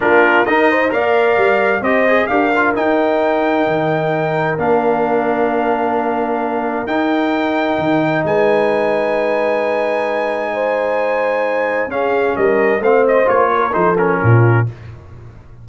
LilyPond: <<
  \new Staff \with { instrumentName = "trumpet" } { \time 4/4 \tempo 4 = 131 ais'4 dis''4 f''2 | dis''4 f''4 g''2~ | g''2 f''2~ | f''2. g''4~ |
g''2 gis''2~ | gis''1~ | gis''2 f''4 dis''4 | f''8 dis''8 cis''4 c''8 ais'4. | }
  \new Staff \with { instrumentName = "horn" } { \time 4/4 f'4 ais'8 c''8 d''2 | c''4 ais'2.~ | ais'1~ | ais'1~ |
ais'2 b'2~ | b'2. c''4~ | c''2 gis'4 ais'4 | c''4. ais'8 a'4 f'4 | }
  \new Staff \with { instrumentName = "trombone" } { \time 4/4 d'4 dis'4 ais'2 | g'8 gis'8 g'8 f'8 dis'2~ | dis'2 d'2~ | d'2. dis'4~ |
dis'1~ | dis'1~ | dis'2 cis'2 | c'4 f'4 dis'8 cis'4. | }
  \new Staff \with { instrumentName = "tuba" } { \time 4/4 ais4 dis'4 ais4 g4 | c'4 d'4 dis'2 | dis2 ais2~ | ais2. dis'4~ |
dis'4 dis4 gis2~ | gis1~ | gis2 cis'4 g4 | a4 ais4 f4 ais,4 | }
>>